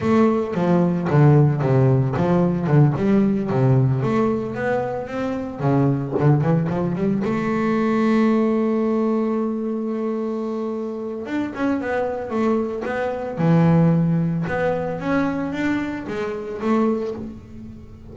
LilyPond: \new Staff \with { instrumentName = "double bass" } { \time 4/4 \tempo 4 = 112 a4 f4 d4 c4 | f4 d8 g4 c4 a8~ | a8 b4 c'4 cis4 d8 | e8 f8 g8 a2~ a8~ |
a1~ | a4 d'8 cis'8 b4 a4 | b4 e2 b4 | cis'4 d'4 gis4 a4 | }